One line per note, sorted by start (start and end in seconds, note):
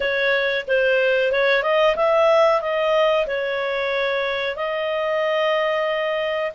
0.00 0.65 C#5
0.67 1.32 C5
1.32 1.62 C#5
1.62 1.95 D#5
1.96 2.61 E5
2.61 3.26 D#5
3.26 4.55 C#5
4.55 6.51 D#5